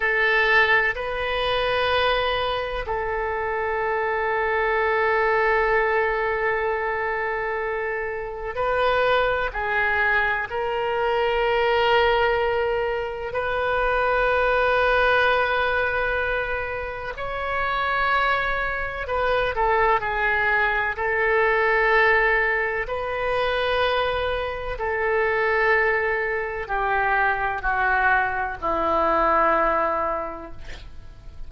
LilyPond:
\new Staff \with { instrumentName = "oboe" } { \time 4/4 \tempo 4 = 63 a'4 b'2 a'4~ | a'1~ | a'4 b'4 gis'4 ais'4~ | ais'2 b'2~ |
b'2 cis''2 | b'8 a'8 gis'4 a'2 | b'2 a'2 | g'4 fis'4 e'2 | }